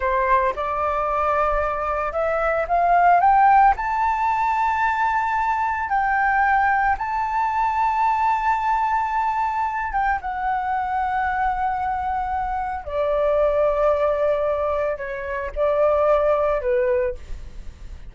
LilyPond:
\new Staff \with { instrumentName = "flute" } { \time 4/4 \tempo 4 = 112 c''4 d''2. | e''4 f''4 g''4 a''4~ | a''2. g''4~ | g''4 a''2.~ |
a''2~ a''8 g''8 fis''4~ | fis''1 | d''1 | cis''4 d''2 b'4 | }